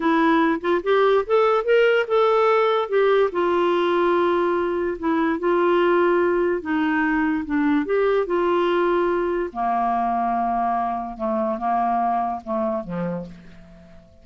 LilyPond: \new Staff \with { instrumentName = "clarinet" } { \time 4/4 \tempo 4 = 145 e'4. f'8 g'4 a'4 | ais'4 a'2 g'4 | f'1 | e'4 f'2. |
dis'2 d'4 g'4 | f'2. ais4~ | ais2. a4 | ais2 a4 f4 | }